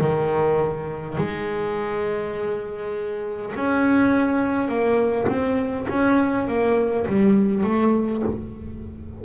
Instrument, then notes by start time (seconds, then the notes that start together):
double bass
0.00 D#3
1.17 G#3
3.56 C#4
4.68 A#3
5.28 C4
5.89 C#4
6.48 A#3
7.06 G3
7.64 A3